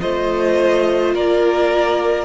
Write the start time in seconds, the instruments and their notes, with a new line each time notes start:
0.00 cello A3, viola F4, violin C5 D#5
1.14 cello A#3, violin A#4 D5